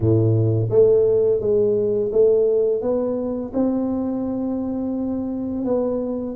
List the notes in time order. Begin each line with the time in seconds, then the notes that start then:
0.00 A2
0.70 A3
1.40 G#3
2.12 A3
2.81 B3
3.53 C4
5.65 B3